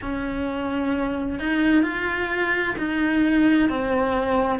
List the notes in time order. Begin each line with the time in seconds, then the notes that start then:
0.01 C#4
1.38 D#4
1.83 F4
2.78 D#4
3.69 C4